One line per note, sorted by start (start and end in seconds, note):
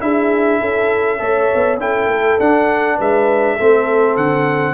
0.00 0.61 D4
0.00 1.19 E4
0.00 0.60 G#4
0.00 1.79 E5
0.60 1.21 C#4
0.60 1.20 A4
1.19 1.50 A3
1.19 1.78 A4
1.19 1.80 C#5
1.55 1.78 B3
1.78 2.07 C#4
1.78 2.39 E4
1.78 2.97 A4
1.78 2.40 G5
2.08 2.37 A3
2.40 2.99 D4
2.40 3.59 D4
2.40 2.99 F#5
2.97 3.59 G#3
2.97 3.56 B4
2.97 4.17 E5
3.56 4.17 A3
3.56 4.74 C4
3.56 4.74 A4
4.17 4.74 D3
4.17 4.74 F#5